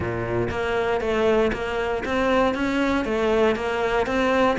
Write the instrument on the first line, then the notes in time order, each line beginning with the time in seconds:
cello
0.00 A#2
0.49 A#3
1.00 A3
1.53 A#3
2.05 C4
2.54 C#4
3.04 A3
3.55 A#3
4.06 C4